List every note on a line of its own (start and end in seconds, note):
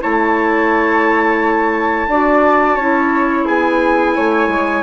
0.00 2.07 A3
0.00 2.07 E4
0.00 2.08 C#5
0.00 3.47 A5
2.07 2.76 D4
2.07 2.80 F#4
2.07 2.76 D5
2.76 3.45 C#4
2.76 4.83 E4
2.76 3.45 C#5
3.45 4.16 B3
3.45 4.14 G#4
3.45 4.83 G#5
4.15 4.48 A3
4.15 4.83 C#5
4.48 4.82 G#3